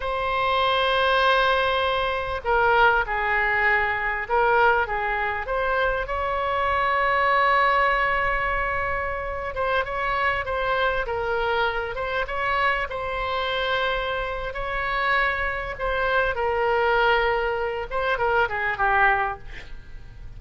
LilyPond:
\new Staff \with { instrumentName = "oboe" } { \time 4/4 \tempo 4 = 99 c''1 | ais'4 gis'2 ais'4 | gis'4 c''4 cis''2~ | cis''2.~ cis''8. c''16~ |
c''16 cis''4 c''4 ais'4. c''16~ | c''16 cis''4 c''2~ c''8. | cis''2 c''4 ais'4~ | ais'4. c''8 ais'8 gis'8 g'4 | }